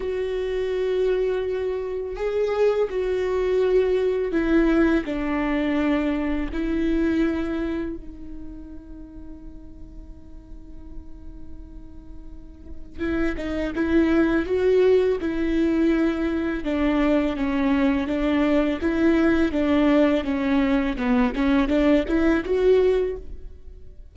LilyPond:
\new Staff \with { instrumentName = "viola" } { \time 4/4 \tempo 4 = 83 fis'2. gis'4 | fis'2 e'4 d'4~ | d'4 e'2 dis'4~ | dis'1~ |
dis'2 e'8 dis'8 e'4 | fis'4 e'2 d'4 | cis'4 d'4 e'4 d'4 | cis'4 b8 cis'8 d'8 e'8 fis'4 | }